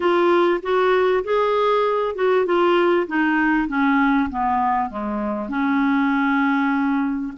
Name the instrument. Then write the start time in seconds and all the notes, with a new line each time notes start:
clarinet
0.00 F4
0.62 F#4
1.24 G#4
2.15 F#4
2.45 F4
3.07 D#4
3.67 C#4
4.29 B3
4.90 G#3
5.49 C#4